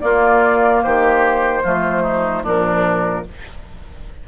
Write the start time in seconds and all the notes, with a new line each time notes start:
0.00 A#3 F4 D5
0.83 D#3 G4 C5
1.63 F3 A3 F4
2.02 D#4
2.43 A#2 F3 D4 A#4